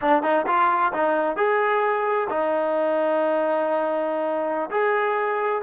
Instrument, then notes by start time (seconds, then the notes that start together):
trombone
0.01 D4
0.22 D#4
0.46 F4
0.93 D#4
1.36 G#4
2.29 D#4
4.70 G#4